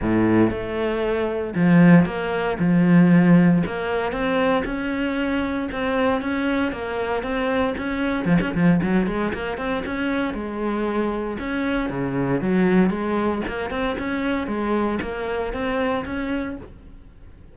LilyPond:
\new Staff \with { instrumentName = "cello" } { \time 4/4 \tempo 4 = 116 a,4 a2 f4 | ais4 f2 ais4 | c'4 cis'2 c'4 | cis'4 ais4 c'4 cis'4 |
f16 cis'16 f8 fis8 gis8 ais8 c'8 cis'4 | gis2 cis'4 cis4 | fis4 gis4 ais8 c'8 cis'4 | gis4 ais4 c'4 cis'4 | }